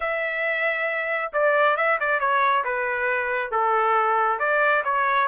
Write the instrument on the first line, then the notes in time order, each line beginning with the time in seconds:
trumpet
0.00 E5
1.33 D5
1.76 E5
2.00 D5
2.19 C#5
2.64 B4
3.51 A4
4.39 D5
4.84 C#5